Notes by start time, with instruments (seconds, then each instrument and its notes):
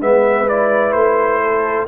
0.00 tuba G#3, trombone B3, horn B4, trumpet E5
0.47 trombone E4, trumpet D5
0.93 tuba A3, trumpet C5
1.42 horn A4